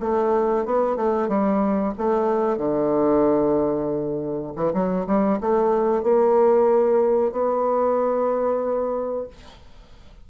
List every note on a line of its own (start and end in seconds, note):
0.00 0.65 A3
0.66 0.96 B3
0.96 1.28 A3
1.28 1.93 G3
1.97 2.57 A3
2.57 4.53 D3
4.56 4.72 E3
4.73 5.06 F#3
5.06 5.39 G3
5.40 6.03 A3
6.03 7.32 A#3
7.32 9.27 B3